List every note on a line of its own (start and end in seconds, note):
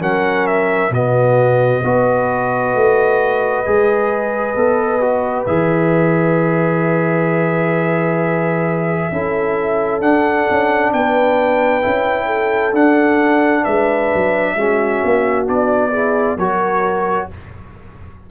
0.00 0.91 F#3
0.00 0.91 C#4
0.00 0.92 A#4
0.00 0.47 F#5
0.47 0.93 E5
0.91 1.81 B2
0.91 1.84 B3
0.91 1.84 F#4
0.91 5.47 D#5
1.84 2.75 B3
1.84 3.66 F#4
1.84 9.12 B4
2.75 3.66 A3
3.66 4.56 G#3
3.66 4.57 G#4
4.56 5.47 B3
4.56 5.01 A4
5.01 5.47 F#4
5.47 9.11 E3
5.47 9.12 G#4
5.47 10.01 E5
9.12 10.01 C#4
9.12 10.02 E4
9.12 10.94 A4
10.01 10.46 D4
10.01 11.82 D4
10.01 10.93 F#5
10.50 10.93 C#4
10.93 11.84 B3
10.93 12.27 B4
10.93 12.75 G5
11.82 12.73 C#4
11.82 12.73 E4
12.27 13.63 A4
12.73 13.64 D4
12.73 14.58 D4
12.73 13.65 F#5
13.64 14.12 G#3
13.64 14.55 B4
13.64 15.47 E5
14.15 14.56 F#3
14.56 15.02 G#3
14.56 15.47 C#4
14.56 15.92 F#4
15.04 15.49 A#3
15.47 16.37 B3
15.47 15.92 D4
15.47 16.38 D5
15.92 16.38 E4
15.92 16.37 G#4
16.37 17.28 F#3
16.37 17.31 F#4
16.37 17.29 A#4
16.37 17.29 C#5